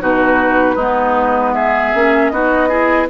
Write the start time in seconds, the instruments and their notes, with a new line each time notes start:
0.00 bassoon B2, clarinet D#4, oboe F#4, flute B4
0.75 bassoon G#3, clarinet B3, oboe D#4
1.54 oboe G#4, flute E5
1.94 bassoon A#3, clarinet C#4
2.29 bassoon B3, clarinet D#4, oboe F#4, flute D#5
2.69 clarinet E4, oboe G#4